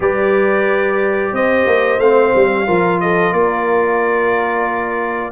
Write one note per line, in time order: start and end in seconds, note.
0.00 1.32 G3
0.00 2.00 G4
0.00 1.34 B4
0.00 1.34 D5
1.32 1.65 C4
1.32 2.66 C5
1.32 1.99 D#5
1.66 1.98 A#3
1.98 2.32 A3
1.98 2.66 C4
1.98 2.99 F5
2.35 2.68 G3
2.66 3.32 F3
2.66 5.32 F4
2.66 2.99 A#4
3.00 3.33 A4
3.00 3.33 D#5
3.32 5.32 A#3
3.32 5.32 A#4
3.32 5.32 D5